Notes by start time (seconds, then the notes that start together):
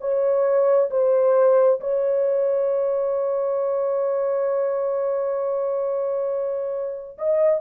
0.00 C#5
0.90 C5
1.80 C#5
7.18 D#5